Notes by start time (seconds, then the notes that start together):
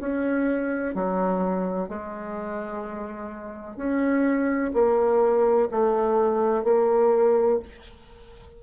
0.00 C#4
0.95 F#3
1.89 G#3
3.76 C#4
4.74 A#3
5.71 A3
6.64 A#3